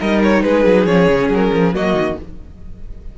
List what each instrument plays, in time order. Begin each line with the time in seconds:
0.00 cello G3, viola D#4, violin A#4 D#5
0.23 violin C#5
0.43 cello G#3, violin G#4 B4
0.65 cello F#3
0.86 cello F3, viola C#4, violin C#5
1.08 cello C#3
1.29 cello F#3, violin A#4
1.53 cello F3
1.74 cello F#3, viola A#3, violin F#4 D#5
1.93 cello D#3